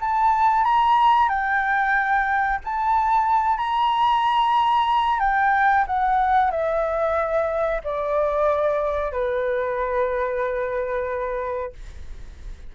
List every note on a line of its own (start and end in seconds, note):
0.00 0.64 A5
0.64 1.28 A#5
1.28 2.59 G5
2.64 3.57 A5
3.57 5.19 A#5
5.19 5.85 G5
5.86 6.50 F#5
6.50 7.81 E5
7.84 9.12 D5
9.12 11.73 B4